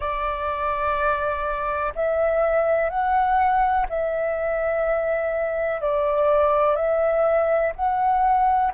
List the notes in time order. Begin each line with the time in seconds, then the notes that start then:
0.00 D5
1.95 E5
2.89 F#5
3.89 E5
5.81 D5
6.75 E5
7.75 F#5